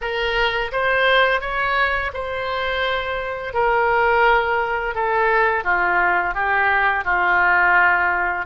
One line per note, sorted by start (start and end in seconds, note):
0.01 0.71 A#4
0.72 1.41 C5
1.41 2.11 C#5
2.13 3.53 C5
3.53 4.94 A#4
4.94 5.63 A4
5.63 6.34 F4
6.34 7.04 G4
7.04 8.45 F4